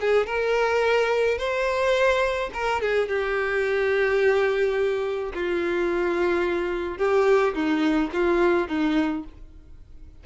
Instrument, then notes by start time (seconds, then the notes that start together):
violin
0.00 G#4
0.26 A#4
1.38 C5
2.53 A#4
2.81 G#4
3.08 G4
5.34 F4
6.98 G4
7.54 D#4
8.12 F4
8.68 D#4